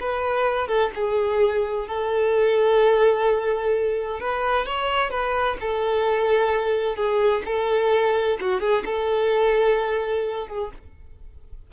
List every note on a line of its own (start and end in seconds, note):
0.00 0.68 B4
0.68 0.91 A4
0.95 1.88 G#4
1.88 4.20 A4
4.21 4.66 B4
4.66 5.11 C#5
5.11 5.57 B4
5.61 6.96 A4
6.96 7.43 G#4
7.45 8.38 A4
8.41 8.60 F#4
8.60 8.84 G#4
8.85 10.48 A4
10.48 10.71 G#4